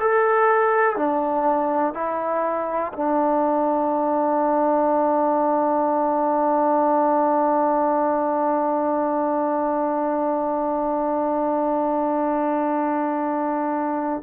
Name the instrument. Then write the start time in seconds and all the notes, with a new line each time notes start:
trombone
0.00 A4
0.96 D4
1.94 E4
2.93 D4